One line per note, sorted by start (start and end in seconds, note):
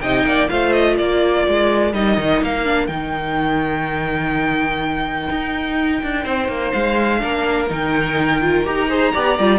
0.00 0.24 C3
0.00 0.49 D#4
0.00 0.26 D#5
0.00 0.48 G5
0.24 0.48 A#3
0.24 0.51 D5
0.49 0.99 A3
0.49 1.93 F4
0.49 0.96 C5
0.49 0.73 F5
0.73 0.97 D#5
0.96 1.47 A#3
0.96 6.24 A#4
0.96 1.93 D5
1.47 1.94 G#3
1.94 2.18 G3
1.94 2.65 D#4
1.94 2.42 D#5
2.18 2.41 D#3
2.41 2.88 A#3
2.41 2.87 F5
2.65 2.88 D4
2.87 5.28 D#3
2.87 7.19 D#4
2.87 6.71 G5
5.30 6.02 D#4
6.03 6.25 D4
6.24 6.48 C4
6.24 7.20 C5
6.48 6.72 A#3
6.73 7.23 G#3
6.73 7.69 F5
7.19 7.70 A#3
7.19 7.67 D4
7.19 8.89 A#4
7.69 8.66 D#3
7.69 8.41 D#4
7.69 8.66 G5
8.41 8.65 F4
8.65 9.14 D#4
8.65 8.89 G4
8.65 9.59 A#5
8.89 9.13 G#4
8.89 9.13 C5
9.13 9.39 B3
9.13 9.38 G4
9.13 9.59 D5
9.39 9.59 G3
9.39 9.59 F4